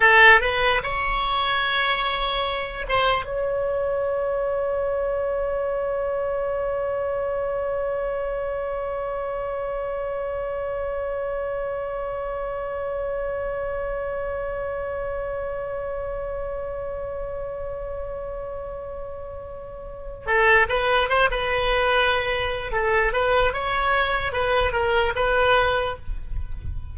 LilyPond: \new Staff \with { instrumentName = "oboe" } { \time 4/4 \tempo 4 = 74 a'8 b'8 cis''2~ cis''8 c''8 | cis''1~ | cis''1~ | cis''1~ |
cis''1~ | cis''1~ | cis''4 a'8 b'8 c''16 b'4.~ b'16 | a'8 b'8 cis''4 b'8 ais'8 b'4 | }